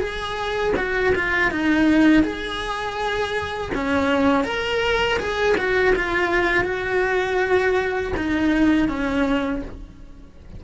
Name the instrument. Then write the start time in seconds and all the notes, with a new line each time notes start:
cello
0.00 G#4
0.77 F#4
1.16 F4
1.52 D#4
2.24 G#4
3.75 C#4
4.44 A#4
5.20 G#4
5.58 F#4
5.96 F4
6.65 F#4
8.17 D#4
8.89 C#4